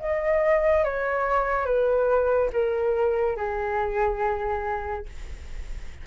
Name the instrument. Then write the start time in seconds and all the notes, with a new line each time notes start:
flute
0.00 D#5
0.84 C#5
1.65 B4
2.52 A#4
3.36 G#4